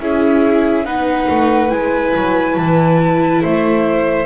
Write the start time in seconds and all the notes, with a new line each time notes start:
0.00 C#4 E4 G#4 E5
0.84 B3 D#4 B4 F#5
1.29 A3
1.68 G#3 E4 G#5
2.15 F#3
2.56 E3 A5
3.42 A3 C5 E5